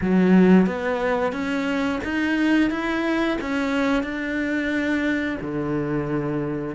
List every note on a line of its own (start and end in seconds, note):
0.01 0.66 F#3
0.66 1.32 B3
1.32 1.99 C#4
2.04 2.70 D#4
2.70 3.37 E4
3.41 4.03 C#4
4.03 5.37 D4
5.41 6.75 D3